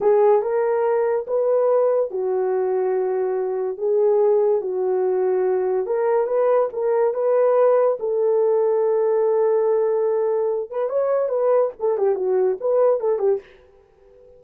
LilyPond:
\new Staff \with { instrumentName = "horn" } { \time 4/4 \tempo 4 = 143 gis'4 ais'2 b'4~ | b'4 fis'2.~ | fis'4 gis'2 fis'4~ | fis'2 ais'4 b'4 |
ais'4 b'2 a'4~ | a'1~ | a'4. b'8 cis''4 b'4 | a'8 g'8 fis'4 b'4 a'8 g'8 | }